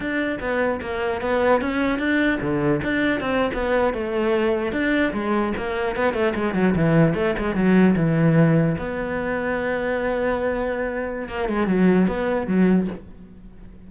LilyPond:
\new Staff \with { instrumentName = "cello" } { \time 4/4 \tempo 4 = 149 d'4 b4 ais4 b4 | cis'4 d'4 d4 d'4 | c'8. b4 a2 d'16~ | d'8. gis4 ais4 b8 a8 gis16~ |
gis16 fis8 e4 a8 gis8 fis4 e16~ | e4.~ e16 b2~ b16~ | b1 | ais8 gis8 fis4 b4 fis4 | }